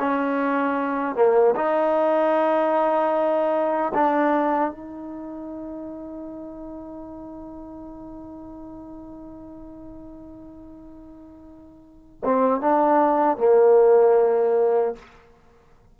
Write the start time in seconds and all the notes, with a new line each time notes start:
0.00 C#4
1.16 A#3
1.56 D#4
3.95 D4
4.71 D#4
12.24 C4
12.61 D4
13.38 A#3